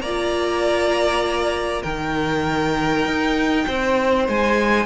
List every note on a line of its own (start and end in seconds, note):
0.00 1.82 A#3
0.00 1.85 F4
0.00 1.82 D5
0.00 1.82 A#5
1.82 3.05 D#3
1.82 4.85 D#4
1.82 3.64 A#4
1.82 4.25 G5
3.05 3.66 D#4
3.67 4.28 C4
3.67 4.85 C5
4.28 4.85 G#3
4.28 4.85 G#5